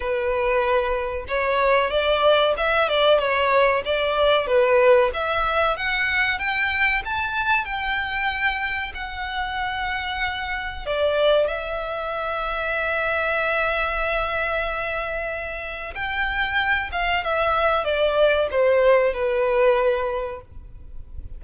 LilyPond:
\new Staff \with { instrumentName = "violin" } { \time 4/4 \tempo 4 = 94 b'2 cis''4 d''4 | e''8 d''8 cis''4 d''4 b'4 | e''4 fis''4 g''4 a''4 | g''2 fis''2~ |
fis''4 d''4 e''2~ | e''1~ | e''4 g''4. f''8 e''4 | d''4 c''4 b'2 | }